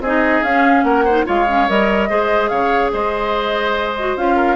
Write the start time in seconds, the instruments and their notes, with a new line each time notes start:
0.00 bassoon C4, clarinet D#4, oboe G#4, flute D#5
0.43 bassoon C#4, clarinet C#4, flute F5
0.83 bassoon A#3, oboe A#4, flute F#5
1.04 clarinet D#4, oboe C5
1.25 bassoon G#3, clarinet F4, oboe C#5, flute F5
1.47 clarinet C#4
1.68 bassoon G3, clarinet A#4, flute D#5
2.09 bassoon G#3, clarinet G#4, oboe C5
2.48 bassoon C#3, oboe C#5, flute F5
2.93 bassoon G#3, oboe C5, flute D#5
3.99 clarinet F#4
4.16 bassoon C#4, clarinet F4, flute F5
4.36 oboe A#4